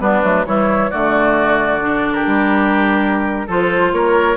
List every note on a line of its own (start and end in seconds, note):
0.00 0.22 G3
0.00 0.23 B3
0.00 0.46 D4
0.00 0.46 B4
0.23 0.46 F#3
0.23 0.45 A3
0.46 0.91 E3
0.46 0.91 G3
0.46 0.91 E4
0.46 0.91 C#5
0.91 2.26 D3
0.91 1.80 A3
0.91 2.14 F#4
0.91 2.14 D5
1.80 3.48 D4
2.14 3.47 G4
2.14 3.48 A#4
2.26 3.48 G3
3.47 3.93 F3
3.47 4.37 F4
3.47 3.92 A4
3.47 3.93 C5
3.93 4.37 A#3
3.93 4.37 A#4
3.93 4.37 C#5